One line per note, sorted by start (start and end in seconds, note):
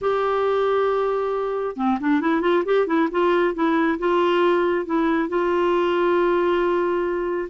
0.01 1.76 G4
1.76 1.98 C4
2.00 2.21 D4
2.21 2.41 E4
2.41 2.63 F4
2.65 2.86 G4
2.86 3.08 E4
3.11 3.54 F4
3.54 3.98 E4
3.98 4.85 F4
4.85 5.28 E4
5.28 7.49 F4